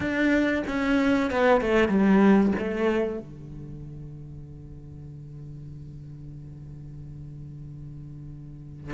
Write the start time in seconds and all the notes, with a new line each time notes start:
0.00 D4
0.67 C#4
1.31 B3
1.61 A3
1.88 G3
2.58 A3
3.19 D3